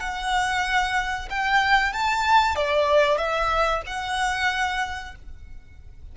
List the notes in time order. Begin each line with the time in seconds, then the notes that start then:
0.00 F#5
1.30 G5
1.93 A5
2.56 D5
3.18 E5
3.86 F#5